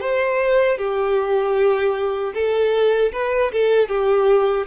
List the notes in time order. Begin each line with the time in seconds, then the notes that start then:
0.00 C5
0.77 G4
2.34 A4
3.12 B4
3.52 A4
3.88 G4